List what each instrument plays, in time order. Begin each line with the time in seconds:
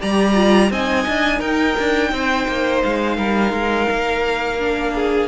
0.00 cello G3, viola G4, violin D5 A#5
0.35 viola F4
0.70 cello C4, viola D#4, violin D#5 G#5
1.08 cello D4
1.39 cello D#4, violin A#4 G5
1.79 cello D4
2.12 cello C4, violin C5
2.48 cello A#3
2.84 cello G#3, violin F5
3.17 cello G3, violin A#4
3.52 cello G#3
3.91 cello A#3
4.59 viola D4
4.95 violin G#4